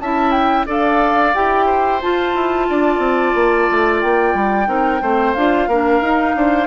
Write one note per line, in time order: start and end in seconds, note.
0.00 0.67 C#4
0.00 0.67 E4
0.00 0.66 E5
0.00 0.31 A5
0.31 0.64 G5
0.66 1.34 D4
0.66 1.33 A4
0.66 1.66 D5
0.66 1.34 F5
1.34 2.02 E4
1.34 2.01 G4
1.34 2.01 G5
1.66 2.66 C5
2.01 4.66 F4
2.01 2.35 F4
2.01 4.01 A5
2.35 2.68 E4
2.69 2.98 D4
2.69 4.68 D5
2.98 3.32 C4
3.34 3.68 A#3
3.71 4.03 A3
4.01 4.34 A#3
4.01 5.34 G5
4.34 4.67 G3
4.66 5.01 C4
4.66 5.00 D#4
4.66 5.02 A#4
5.02 5.35 A3
5.02 5.37 C4
5.02 5.68 C5
5.34 5.67 D4
5.34 5.70 F4
5.34 6.67 F5
5.67 6.01 A#3
5.67 6.03 D4
5.67 6.35 A#4
6.01 6.34 D#4
6.01 6.67 D#4
6.35 6.67 D4
6.35 6.67 C5